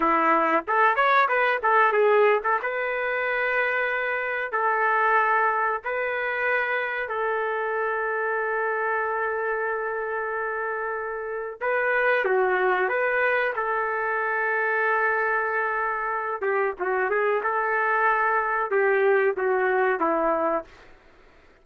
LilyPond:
\new Staff \with { instrumentName = "trumpet" } { \time 4/4 \tempo 4 = 93 e'4 a'8 cis''8 b'8 a'8 gis'8. a'16 | b'2. a'4~ | a'4 b'2 a'4~ | a'1~ |
a'2 b'4 fis'4 | b'4 a'2.~ | a'4. g'8 fis'8 gis'8 a'4~ | a'4 g'4 fis'4 e'4 | }